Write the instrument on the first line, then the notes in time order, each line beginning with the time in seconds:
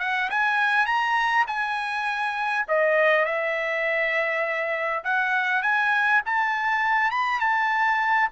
trumpet
0.00 F#5
0.30 G#5
0.86 A#5
1.47 G#5
2.68 D#5
3.26 E5
5.04 F#5
5.63 G#5
6.26 A5
7.11 B5
7.40 A5